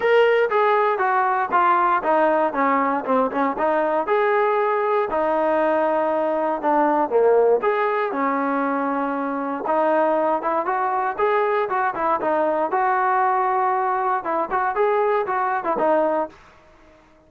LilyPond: \new Staff \with { instrumentName = "trombone" } { \time 4/4 \tempo 4 = 118 ais'4 gis'4 fis'4 f'4 | dis'4 cis'4 c'8 cis'8 dis'4 | gis'2 dis'2~ | dis'4 d'4 ais4 gis'4 |
cis'2. dis'4~ | dis'8 e'8 fis'4 gis'4 fis'8 e'8 | dis'4 fis'2. | e'8 fis'8 gis'4 fis'8. e'16 dis'4 | }